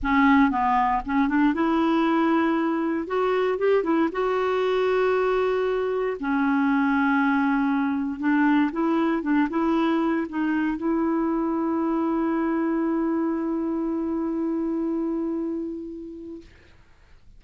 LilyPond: \new Staff \with { instrumentName = "clarinet" } { \time 4/4 \tempo 4 = 117 cis'4 b4 cis'8 d'8 e'4~ | e'2 fis'4 g'8 e'8 | fis'1 | cis'1 |
d'4 e'4 d'8 e'4. | dis'4 e'2.~ | e'1~ | e'1 | }